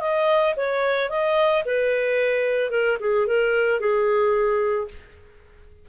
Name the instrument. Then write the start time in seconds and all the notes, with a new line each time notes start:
clarinet
0.00 D#5
0.56 C#5
1.09 D#5
1.65 B4
2.70 A#4
3.00 G#4
3.27 A#4
3.80 G#4